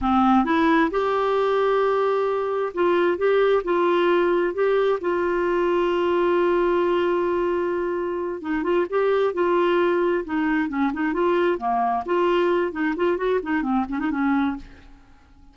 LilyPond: \new Staff \with { instrumentName = "clarinet" } { \time 4/4 \tempo 4 = 132 c'4 e'4 g'2~ | g'2 f'4 g'4 | f'2 g'4 f'4~ | f'1~ |
f'2~ f'8 dis'8 f'8 g'8~ | g'8 f'2 dis'4 cis'8 | dis'8 f'4 ais4 f'4. | dis'8 f'8 fis'8 dis'8 c'8 cis'16 dis'16 cis'4 | }